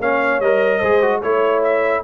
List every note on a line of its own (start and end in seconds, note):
0.00 0.40 A#3
0.00 0.42 C#4
0.00 0.79 C#5
0.00 0.41 F5
0.40 0.81 G3
0.40 0.83 A#4
0.40 1.22 D#5
0.79 1.23 G#3
0.79 1.02 G#4
0.79 1.19 C5
1.02 1.22 F#4
1.21 2.04 A3
1.21 2.04 E4
1.21 2.03 C#5
1.21 1.63 C#5
1.64 2.04 E5